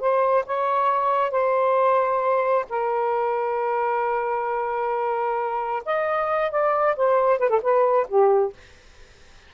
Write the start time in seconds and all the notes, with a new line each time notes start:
0.00 C5
0.46 C#5
1.31 C5
2.70 A#4
5.86 D#5
6.51 D5
6.96 C5
7.40 B4
7.49 A4
7.62 B4
8.08 G4